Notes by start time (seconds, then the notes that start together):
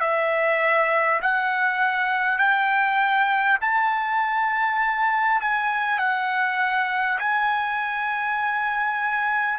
0.00 E5
1.22 F#5
2.38 G5
3.61 A5
5.41 G#5
5.98 F#5
7.19 G#5